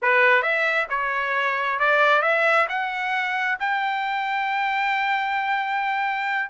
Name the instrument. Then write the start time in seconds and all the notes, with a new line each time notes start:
trumpet
0.01 B4
0.42 E5
0.89 C#5
1.79 D5
2.22 E5
2.69 F#5
3.59 G5